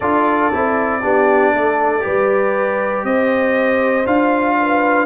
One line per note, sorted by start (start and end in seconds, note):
0.00 0.51 D4
0.00 0.52 F4
0.00 1.01 A4
0.00 3.04 D5
0.52 1.04 C4
0.52 1.01 E4
1.01 1.53 B3
1.01 2.00 D4
1.01 1.53 G4
1.53 2.04 A3
1.53 2.03 A4
2.00 3.04 G3
2.00 4.03 G4
2.00 3.05 B4
3.04 4.05 C4
3.04 4.58 C5
3.04 4.06 D#5
4.06 5.06 D4
4.06 5.06 F4
4.06 5.06 F5
4.61 5.06 B4